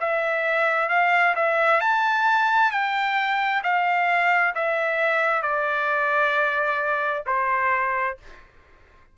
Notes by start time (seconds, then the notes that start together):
0.00 E5
0.89 F5
1.35 E5
1.81 A5
2.71 G5
3.64 F5
4.55 E5
5.42 D5
7.26 C5